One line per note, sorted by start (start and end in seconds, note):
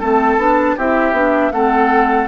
0.00 0.38 A3
0.00 0.40 C4
0.00 0.76 A4
0.00 0.77 A5
0.38 0.76 B3
0.38 0.78 D4
0.77 1.12 C4
0.77 1.15 E4
0.77 1.53 G4
0.77 1.52 E5
1.12 1.50 B3
1.12 1.53 D4
1.52 2.28 A3
1.52 2.28 C4
1.52 2.28 A4
1.52 2.28 F#5